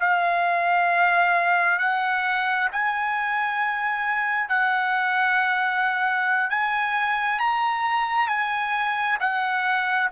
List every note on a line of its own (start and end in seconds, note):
0.00 1.79 F5
1.79 2.68 F#5
2.72 4.49 G#5
4.49 6.50 F#5
6.50 7.39 G#5
7.39 8.28 A#5
8.28 9.18 G#5
9.20 10.09 F#5